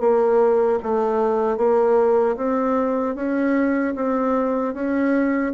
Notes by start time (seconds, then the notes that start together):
0.00 A#3
0.83 A3
1.57 A#3
2.36 C4
3.15 C#4
3.95 C4
4.74 C#4